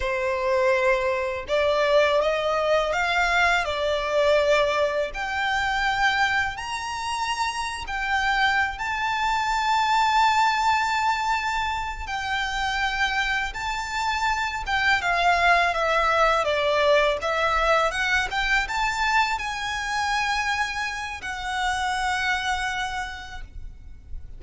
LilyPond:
\new Staff \with { instrumentName = "violin" } { \time 4/4 \tempo 4 = 82 c''2 d''4 dis''4 | f''4 d''2 g''4~ | g''4 ais''4.~ ais''16 g''4~ g''16 | a''1~ |
a''8 g''2 a''4. | g''8 f''4 e''4 d''4 e''8~ | e''8 fis''8 g''8 a''4 gis''4.~ | gis''4 fis''2. | }